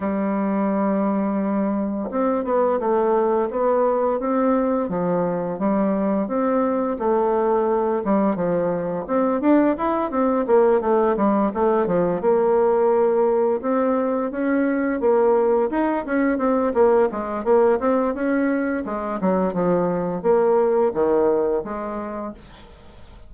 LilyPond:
\new Staff \with { instrumentName = "bassoon" } { \time 4/4 \tempo 4 = 86 g2. c'8 b8 | a4 b4 c'4 f4 | g4 c'4 a4. g8 | f4 c'8 d'8 e'8 c'8 ais8 a8 |
g8 a8 f8 ais2 c'8~ | c'8 cis'4 ais4 dis'8 cis'8 c'8 | ais8 gis8 ais8 c'8 cis'4 gis8 fis8 | f4 ais4 dis4 gis4 | }